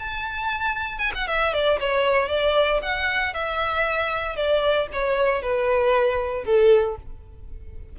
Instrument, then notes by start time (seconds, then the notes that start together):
violin
0.00 A5
0.99 G#5
1.15 F#5
1.28 E5
1.54 D5
1.80 C#5
2.29 D5
2.83 F#5
3.34 E5
4.36 D5
4.93 C#5
5.42 B4
6.45 A4